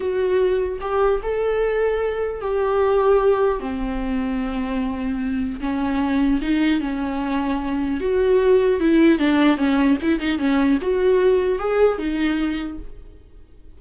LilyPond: \new Staff \with { instrumentName = "viola" } { \time 4/4 \tempo 4 = 150 fis'2 g'4 a'4~ | a'2 g'2~ | g'4 c'2.~ | c'2 cis'2 |
dis'4 cis'2. | fis'2 e'4 d'4 | cis'4 e'8 dis'8 cis'4 fis'4~ | fis'4 gis'4 dis'2 | }